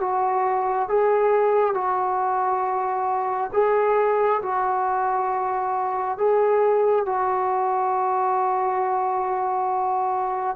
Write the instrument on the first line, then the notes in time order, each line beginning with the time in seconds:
trombone
0.00 F#4
0.88 G#4
1.74 F#4
3.53 G#4
4.42 F#4
6.18 G#4
7.05 F#4